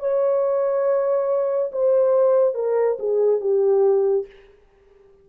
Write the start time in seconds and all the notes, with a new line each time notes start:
0.00 C#5
1.72 C5
2.55 A#4
2.99 G#4
3.41 G4